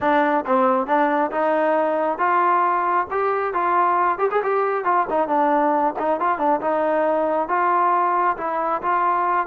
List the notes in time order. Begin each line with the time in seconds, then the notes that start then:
0.00 D4
0.46 C4
0.86 D4
1.31 D#4
2.18 F4
3.10 G4
3.53 F4
4.18 G4
4.31 G#4
4.43 G4
4.84 F4
5.09 D#4
5.28 D4
5.98 D#4
6.20 F4
6.38 D4
6.61 D#4
7.48 F4
8.37 E4
8.82 F4